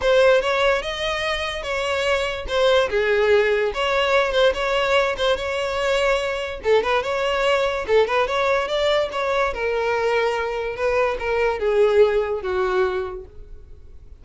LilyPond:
\new Staff \with { instrumentName = "violin" } { \time 4/4 \tempo 4 = 145 c''4 cis''4 dis''2 | cis''2 c''4 gis'4~ | gis'4 cis''4. c''8 cis''4~ | cis''8 c''8 cis''2. |
a'8 b'8 cis''2 a'8 b'8 | cis''4 d''4 cis''4 ais'4~ | ais'2 b'4 ais'4 | gis'2 fis'2 | }